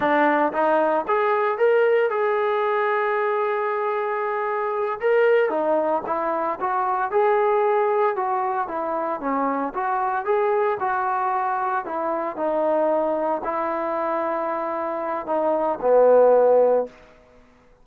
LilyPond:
\new Staff \with { instrumentName = "trombone" } { \time 4/4 \tempo 4 = 114 d'4 dis'4 gis'4 ais'4 | gis'1~ | gis'4. ais'4 dis'4 e'8~ | e'8 fis'4 gis'2 fis'8~ |
fis'8 e'4 cis'4 fis'4 gis'8~ | gis'8 fis'2 e'4 dis'8~ | dis'4. e'2~ e'8~ | e'4 dis'4 b2 | }